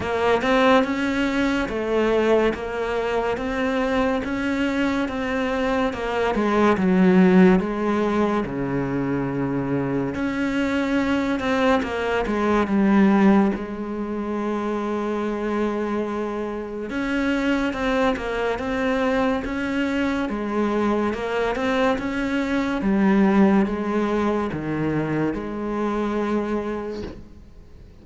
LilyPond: \new Staff \with { instrumentName = "cello" } { \time 4/4 \tempo 4 = 71 ais8 c'8 cis'4 a4 ais4 | c'4 cis'4 c'4 ais8 gis8 | fis4 gis4 cis2 | cis'4. c'8 ais8 gis8 g4 |
gis1 | cis'4 c'8 ais8 c'4 cis'4 | gis4 ais8 c'8 cis'4 g4 | gis4 dis4 gis2 | }